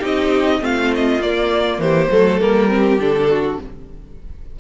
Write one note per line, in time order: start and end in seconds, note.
0.00 0.62 C4
0.00 0.61 D#4
0.00 0.59 G4
0.00 0.65 D#5
0.61 1.20 A3
0.61 1.20 C4
0.61 1.82 F4
0.61 0.95 F5
0.95 1.22 D#5
1.20 1.79 A#3
1.20 2.12 A#3
1.20 1.81 D5
1.79 2.08 E3
1.79 2.12 G4
1.79 2.40 C5
2.11 2.41 F#3
2.11 2.41 A3
2.11 2.71 A4
2.41 2.99 G3
2.41 2.69 A#3
2.41 3.00 A#4
2.69 2.99 C4
2.69 3.30 G4
2.99 3.59 D3
2.99 3.59 D4
2.99 3.60 A4
3.30 3.60 F#4